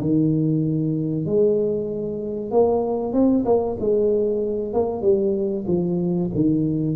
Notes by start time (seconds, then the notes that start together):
0.00 D#3
1.25 G#3
2.50 A#3
3.13 C4
3.45 A#3
3.79 G#3
4.73 A#3
5.02 G3
5.67 F3
6.34 D#3